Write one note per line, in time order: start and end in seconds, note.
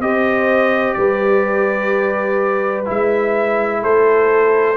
0.00 0.95 C4
0.00 2.85 G4
0.00 0.98 C5
0.00 0.93 D#5
0.93 2.88 G3
0.93 3.82 B4
0.93 2.84 D5
2.85 3.84 G#3
2.85 4.76 E4
2.85 3.83 E5
3.82 4.77 A3
3.82 4.77 A4
3.82 4.77 C5